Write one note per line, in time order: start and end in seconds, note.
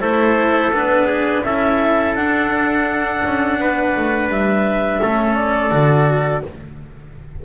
0.00 0.72 A3
0.00 0.72 E4
0.00 1.07 A4
0.00 0.71 C5
0.72 1.43 B3
0.72 1.44 D4
0.72 1.44 B4
1.07 1.42 G#4
1.44 2.15 C#4
1.44 2.17 E4
1.44 3.60 A4
1.44 2.15 E5
2.15 3.22 D4
2.15 5.02 D4
2.15 4.29 F#5
3.25 3.60 C#4
3.60 3.96 B3
3.60 5.01 B4
3.97 4.29 A3
4.29 5.00 G3
4.29 5.35 E5
5.01 5.72 A3
5.01 5.71 C#4
5.01 6.44 A4
5.35 6.43 D5
5.71 6.43 D3
5.71 6.42 F#4